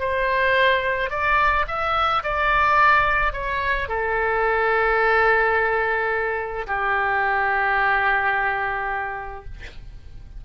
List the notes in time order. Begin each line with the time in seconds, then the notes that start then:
0.00 C5
1.10 D5
1.68 E5
2.23 D5
3.33 C#5
3.89 A4
6.67 G4